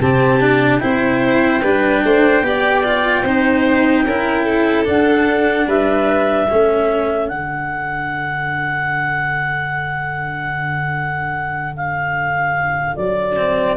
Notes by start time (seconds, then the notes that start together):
0.00 C3 C4 G4 A5
0.40 D4
0.79 C4 E4 C5 G5
1.62 G3 D4 B4
2.04 A3 C5
2.41 B3 G4 D5
2.84 F4
3.22 C4 D#4 C5
4.05 C#4 E4 A#4
4.44 A4
4.84 D4 F#5
5.66 G3 B4 E5
6.46 A3 C#4 A4
7.28 D3 D4 F#5
11.76 F5
12.96 F#3 D5
13.36 C4